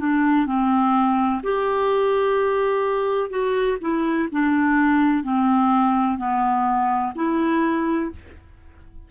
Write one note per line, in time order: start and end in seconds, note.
0.00 0.47 D4
0.47 1.42 C4
1.43 3.30 G4
3.30 3.78 F#4
3.81 4.29 E4
4.32 5.24 D4
5.24 6.18 C4
6.18 7.13 B3
7.16 8.11 E4